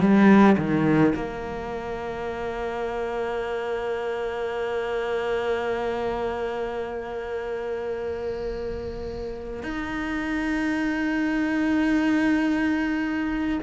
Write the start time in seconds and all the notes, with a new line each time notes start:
0.00 G3
0.58 D#3
1.15 A#3
9.63 D#4